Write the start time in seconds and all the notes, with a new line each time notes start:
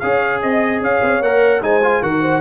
0.00 C#4 G#4 C#5 F5
0.42 C4 D#5
0.81 C#4 C#5 F5
1.02 C4
1.21 A#3 A#4 F#5
1.61 G#3 D#4 C5 G#5
1.83 F4
2.02 D#3 F#4 A#4 F#5
2.22 C5